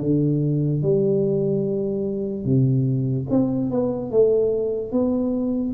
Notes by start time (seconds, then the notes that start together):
0.00 D3
0.82 G3
2.44 C3
3.30 C4
3.70 B3
4.11 A3
4.91 B3